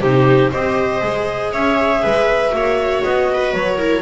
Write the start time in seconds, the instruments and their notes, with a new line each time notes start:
0.00 double bass C3, viola D#4 G4, clarinet C5
0.51 double bass C4, viola G4 C5, clarinet D#5
1.01 double bass G#3, viola G#4
1.53 double bass C#4, viola C#5, clarinet E5
2.03 double bass G#3, viola B4
2.50 double bass A#3, viola F#4
2.57 viola C#5
3.03 double bass B3, clarinet D#5
3.34 viola B4
3.54 double bass F#3, clarinet C#5
3.78 viola E4 A#4